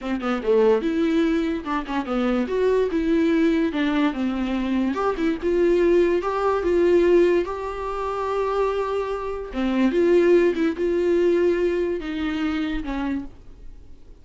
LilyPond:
\new Staff \with { instrumentName = "viola" } { \time 4/4 \tempo 4 = 145 c'8 b8 a4 e'2 | d'8 cis'8 b4 fis'4 e'4~ | e'4 d'4 c'2 | g'8 e'8 f'2 g'4 |
f'2 g'2~ | g'2. c'4 | f'4. e'8 f'2~ | f'4 dis'2 cis'4 | }